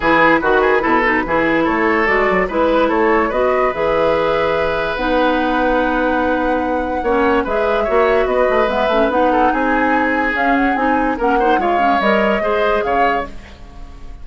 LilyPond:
<<
  \new Staff \with { instrumentName = "flute" } { \time 4/4 \tempo 4 = 145 b'1 | cis''4 d''4 b'4 cis''4 | dis''4 e''2. | fis''1~ |
fis''2 e''2 | dis''4 e''4 fis''4 gis''4~ | gis''4 f''8 fis''8 gis''4 fis''4 | f''4 dis''2 f''4 | }
  \new Staff \with { instrumentName = "oboe" } { \time 4/4 gis'4 fis'8 gis'8 a'4 gis'4 | a'2 b'4 a'4 | b'1~ | b'1~ |
b'4 cis''4 b'4 cis''4 | b'2~ b'8 a'8 gis'4~ | gis'2. ais'8 c''8 | cis''2 c''4 cis''4 | }
  \new Staff \with { instrumentName = "clarinet" } { \time 4/4 e'4 fis'4 e'8 dis'8 e'4~ | e'4 fis'4 e'2 | fis'4 gis'2. | dis'1~ |
dis'4 cis'4 gis'4 fis'4~ | fis'4 b8 cis'8 dis'2~ | dis'4 cis'4 dis'4 cis'8 dis'8 | f'8 cis'8 ais'4 gis'2 | }
  \new Staff \with { instrumentName = "bassoon" } { \time 4/4 e4 dis4 b,4 e4 | a4 gis8 fis8 gis4 a4 | b4 e2. | b1~ |
b4 ais4 gis4 ais4 | b8 a8 gis8 a8 b4 c'4~ | c'4 cis'4 c'4 ais4 | gis4 g4 gis4 cis4 | }
>>